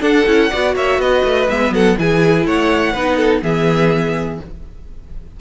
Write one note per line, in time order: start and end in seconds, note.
0.00 0.24 D4
0.00 0.26 D4
0.00 0.50 A4
0.00 0.75 F#5
0.26 0.51 C#4
0.26 0.51 E4
0.50 0.76 B3
0.50 1.49 F#4
0.50 0.74 D5
0.76 0.98 A#3
0.76 1.00 C#5
0.76 1.01 E5
0.98 1.22 B3
0.98 1.74 B4
0.98 1.49 D#5
1.24 1.48 A3
1.49 1.71 G#3
1.49 1.98 B3
1.49 1.73 E5
1.71 1.95 F#3
1.71 1.98 A4
1.71 1.98 F#5
1.98 2.45 E3
1.98 2.95 E4
1.98 2.46 G#4
1.98 2.47 G#5
2.45 2.94 A3
2.45 2.93 C#5
2.45 3.43 F#5
2.93 3.42 B3
2.93 3.43 D#4
2.93 3.17 B4
3.17 3.41 A4
3.42 4.40 E3
3.42 4.40 B3
3.42 4.40 G#4
3.42 4.40 E5